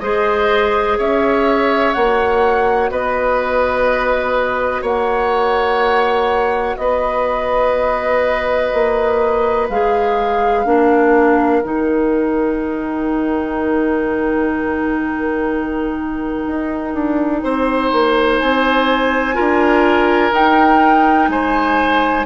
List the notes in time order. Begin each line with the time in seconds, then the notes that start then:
0.00 G#3 G#4 C5 D#5
0.98 C#4 C#5 E5
1.93 A#3 F#4 F#5
2.90 B3 B4 D#5
4.82 A#3 C#5 F#5
6.77 B3 B4 D#5
8.73 A#3
9.69 G#3 G#4 F5
10.65 A#3 D4 A#4
11.62 D#3 D#4 G5
16.47 D#4
16.94 D4
17.43 C4 C5
17.92 A#3
18.39 C4 G#5
19.34 D4 F4 A#4
20.31 D#4 G5
21.28 G#3 C5 G#5